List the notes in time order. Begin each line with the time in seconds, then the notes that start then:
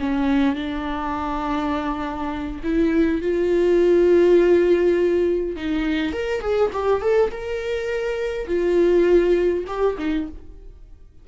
0.00 C#4
0.56 D4
2.64 E4
3.21 F4
5.56 D#4
6.13 A#4
6.41 G#4
6.73 G4
7.01 A4
7.31 A#4
8.47 F4
9.67 G4
9.98 D#4